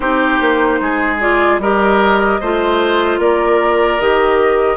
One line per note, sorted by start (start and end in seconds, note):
0.00 0.39 C4
0.00 1.20 D#4
0.00 0.80 G4
0.00 1.16 C5
0.40 0.80 A#3
0.80 1.58 G#3
0.80 1.61 G#4
1.20 1.60 F4
1.20 1.60 D5
1.58 2.38 G3
1.58 2.42 G4
1.58 2.40 A#4
1.58 3.20 D#5
2.40 3.18 A3
2.40 4.00 F4
2.40 3.19 C5
3.18 3.98 A#3
3.18 4.76 A#4
3.18 4.00 D5
3.99 4.76 D#3
3.99 4.76 G4
3.99 4.76 D#5